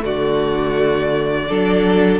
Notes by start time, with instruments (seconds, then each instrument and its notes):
0.00 cello D3, viola A3, violin F#4 D5
1.49 cello F#3, viola D4, violin A4